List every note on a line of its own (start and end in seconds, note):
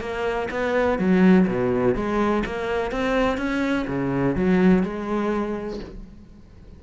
0.00 0.48 A#3
0.51 0.99 B3
0.99 1.47 F#3
1.47 1.95 B2
1.95 2.43 G#3
2.46 2.91 A#3
2.91 3.37 C4
3.37 3.86 C#4
3.87 4.35 C#3
4.36 4.83 F#3
4.83 5.80 G#3